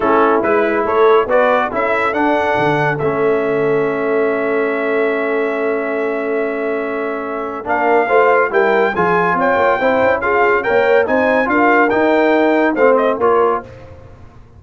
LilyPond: <<
  \new Staff \with { instrumentName = "trumpet" } { \time 4/4 \tempo 4 = 141 a'4 b'4 cis''4 d''4 | e''4 fis''2 e''4~ | e''1~ | e''1~ |
e''2 f''2 | g''4 gis''4 g''2 | f''4 g''4 gis''4 f''4 | g''2 f''8 dis''8 cis''4 | }
  \new Staff \with { instrumentName = "horn" } { \time 4/4 e'2 a'4 b'4 | a'1~ | a'1~ | a'1~ |
a'2 ais'4 c''4 | ais'4 gis'4 cis''4 c''4 | gis'4 cis''4 c''4 ais'4~ | ais'2 c''4 ais'4 | }
  \new Staff \with { instrumentName = "trombone" } { \time 4/4 cis'4 e'2 fis'4 | e'4 d'2 cis'4~ | cis'1~ | cis'1~ |
cis'2 d'4 f'4 | e'4 f'2 e'4 | f'4 ais'4 dis'4 f'4 | dis'2 c'4 f'4 | }
  \new Staff \with { instrumentName = "tuba" } { \time 4/4 a4 gis4 a4 b4 | cis'4 d'4 d4 a4~ | a1~ | a1~ |
a2 ais4 a4 | g4 f4 c'8 ais8 c'8 cis'8~ | cis'4 ais4 c'4 d'4 | dis'2 a4 ais4 | }
>>